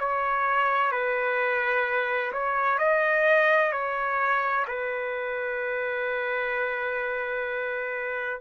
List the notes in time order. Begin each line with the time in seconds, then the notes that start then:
0.00 C#5
0.92 B4
2.33 C#5
2.79 D#5
3.72 C#5
4.68 B4